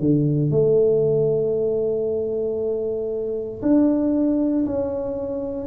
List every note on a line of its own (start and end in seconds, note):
0.00 0.51 D3
0.51 3.62 A3
3.63 4.66 D4
4.66 5.67 C#4